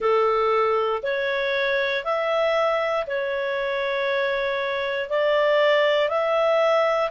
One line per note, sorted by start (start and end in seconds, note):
0.00 1.02 A4
1.03 2.04 C#5
2.04 3.06 E5
3.06 5.09 C#5
5.09 6.08 D5
6.08 7.10 E5